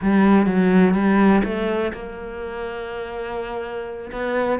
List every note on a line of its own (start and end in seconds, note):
0.01 0.46 G3
0.46 0.94 F#3
0.94 1.42 G3
1.43 1.92 A3
1.93 4.11 A#3
4.12 4.59 B3